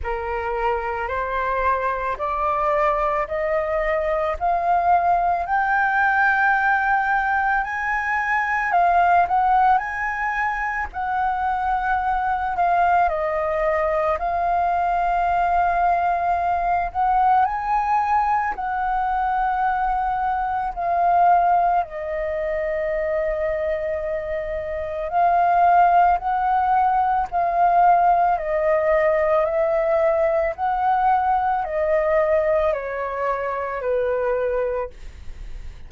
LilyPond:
\new Staff \with { instrumentName = "flute" } { \time 4/4 \tempo 4 = 55 ais'4 c''4 d''4 dis''4 | f''4 g''2 gis''4 | f''8 fis''8 gis''4 fis''4. f''8 | dis''4 f''2~ f''8 fis''8 |
gis''4 fis''2 f''4 | dis''2. f''4 | fis''4 f''4 dis''4 e''4 | fis''4 dis''4 cis''4 b'4 | }